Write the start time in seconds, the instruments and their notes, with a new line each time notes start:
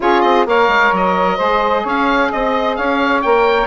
0.00 bassoon C#4, saxophone F4 G#4, oboe C#5
0.21 bassoon C4, oboe D#5
0.46 bassoon A#3, saxophone A#4 C#5, oboe F5
0.67 bassoon G#3
0.91 bassoon F#3, oboe D#5
1.36 bassoon G#3, saxophone G#4 C5
1.82 bassoon C#4, saxophone C#5, oboe F5
2.31 bassoon C4, saxophone D#5, oboe D#5
2.76 bassoon C#4, saxophone C#5, oboe F5
3.21 bassoon A#3, saxophone A#4, oboe G5